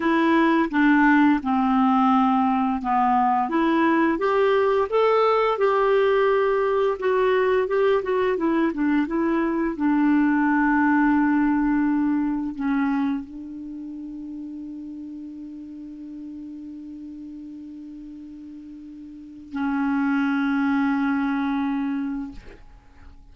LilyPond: \new Staff \with { instrumentName = "clarinet" } { \time 4/4 \tempo 4 = 86 e'4 d'4 c'2 | b4 e'4 g'4 a'4 | g'2 fis'4 g'8 fis'8 | e'8 d'8 e'4 d'2~ |
d'2 cis'4 d'4~ | d'1~ | d'1 | cis'1 | }